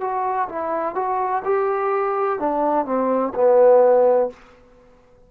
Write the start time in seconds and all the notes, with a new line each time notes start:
0.00 F#4
0.48 E4
0.95 F#4
1.44 G4
2.39 D4
2.85 C4
3.34 B3